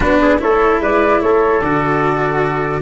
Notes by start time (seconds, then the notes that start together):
0.00 B3 D4 F#4 B4
0.21 G#4
0.38 A3 E4 A4 C#5
0.80 G#3 B4 D5
1.21 A3 A4 C#5
1.61 D3 F#4 D5